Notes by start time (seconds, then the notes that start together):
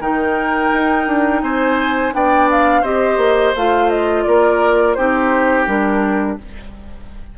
0.00 D#3 D#4 A#4 G5
0.73 D#4
1.07 D4
1.42 C4 C5 G#5
2.13 B3 D4 D5 G5
2.51 F5
2.82 C4 G4 C5 D#5
3.17 A#3
3.55 A3 F4 F5
3.89 D#5
4.23 A#3 A#4 D5
4.94 C4 D#4 G4 C5
5.67 G3 D4 A#4